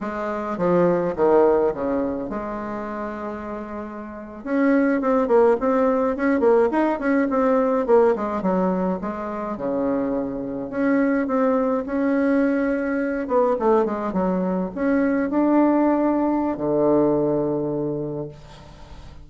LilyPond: \new Staff \with { instrumentName = "bassoon" } { \time 4/4 \tempo 4 = 105 gis4 f4 dis4 cis4 | gis2.~ gis8. cis'16~ | cis'8. c'8 ais8 c'4 cis'8 ais8 dis'16~ | dis'16 cis'8 c'4 ais8 gis8 fis4 gis16~ |
gis8. cis2 cis'4 c'16~ | c'8. cis'2~ cis'8 b8 a16~ | a16 gis8 fis4 cis'4 d'4~ d'16~ | d'4 d2. | }